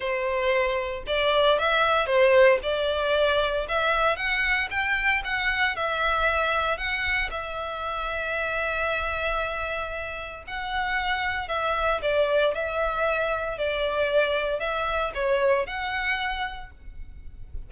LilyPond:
\new Staff \with { instrumentName = "violin" } { \time 4/4 \tempo 4 = 115 c''2 d''4 e''4 | c''4 d''2 e''4 | fis''4 g''4 fis''4 e''4~ | e''4 fis''4 e''2~ |
e''1 | fis''2 e''4 d''4 | e''2 d''2 | e''4 cis''4 fis''2 | }